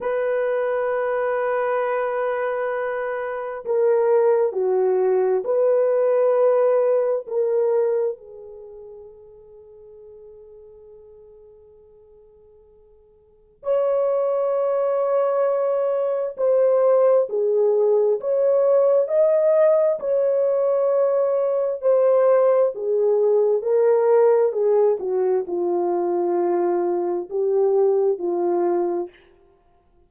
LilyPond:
\new Staff \with { instrumentName = "horn" } { \time 4/4 \tempo 4 = 66 b'1 | ais'4 fis'4 b'2 | ais'4 gis'2.~ | gis'2. cis''4~ |
cis''2 c''4 gis'4 | cis''4 dis''4 cis''2 | c''4 gis'4 ais'4 gis'8 fis'8 | f'2 g'4 f'4 | }